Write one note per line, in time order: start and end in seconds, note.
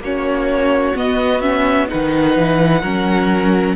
0.00 0.94 A#3
0.00 0.96 C#4
0.00 1.91 F#4
0.00 0.97 C#5
0.96 1.42 B3
0.96 1.90 B3
0.96 1.41 D#5
1.41 1.88 C#4
1.41 1.88 E5
1.88 2.37 D#3
1.88 2.82 D#4
1.88 2.82 B4
1.88 3.77 F#5
2.37 2.83 E3
2.82 3.77 F#3
2.82 3.77 C#4
2.82 3.76 A#4